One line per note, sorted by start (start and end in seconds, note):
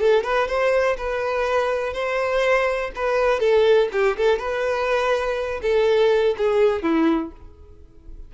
0.00 0.23 A4
0.23 0.48 B4
0.48 0.96 C5
0.97 1.93 B4
1.93 2.91 C5
2.95 3.39 B4
3.39 3.88 A4
3.92 4.16 G4
4.17 4.39 A4
4.39 5.61 B4
5.62 6.35 A4
6.37 6.82 G#4
6.82 7.31 E4